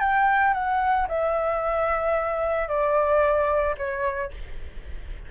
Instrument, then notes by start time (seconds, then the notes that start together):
flute
0.00 G5
0.54 F#5
1.08 E5
2.68 D5
3.78 C#5